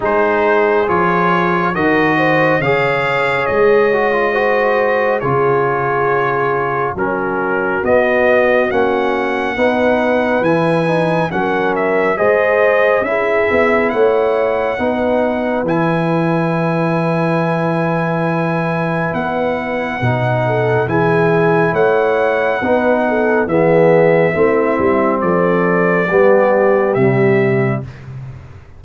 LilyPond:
<<
  \new Staff \with { instrumentName = "trumpet" } { \time 4/4 \tempo 4 = 69 c''4 cis''4 dis''4 f''4 | dis''2 cis''2 | ais'4 dis''4 fis''2 | gis''4 fis''8 e''8 dis''4 e''4 |
fis''2 gis''2~ | gis''2 fis''2 | gis''4 fis''2 e''4~ | e''4 d''2 e''4 | }
  \new Staff \with { instrumentName = "horn" } { \time 4/4 gis'2 ais'8 c''8 cis''4~ | cis''4 c''4 gis'2 | fis'2. b'4~ | b'4 ais'4 c''4 gis'4 |
cis''4 b'2.~ | b'2.~ b'8 a'8 | gis'4 cis''4 b'8 a'8 gis'4 | e'4 a'4 g'2 | }
  \new Staff \with { instrumentName = "trombone" } { \time 4/4 dis'4 f'4 fis'4 gis'4~ | gis'8 fis'16 f'16 fis'4 f'2 | cis'4 b4 cis'4 dis'4 | e'8 dis'8 cis'4 gis'4 e'4~ |
e'4 dis'4 e'2~ | e'2. dis'4 | e'2 dis'4 b4 | c'2 b4 g4 | }
  \new Staff \with { instrumentName = "tuba" } { \time 4/4 gis4 f4 dis4 cis4 | gis2 cis2 | fis4 b4 ais4 b4 | e4 fis4 gis4 cis'8 b8 |
a4 b4 e2~ | e2 b4 b,4 | e4 a4 b4 e4 | a8 g8 f4 g4 c4 | }
>>